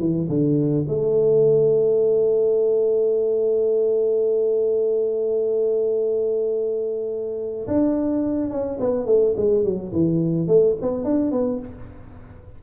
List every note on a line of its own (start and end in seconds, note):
0.00 0.28 E3
0.30 0.86 D3
0.88 7.67 A3
7.68 8.51 D4
8.51 8.79 C#4
8.80 9.06 B3
9.06 9.34 A3
9.37 9.65 G#3
9.65 9.93 F#3
9.93 10.48 E3
10.48 10.76 A3
10.82 11.05 B3
11.05 11.32 D4
11.32 11.60 B3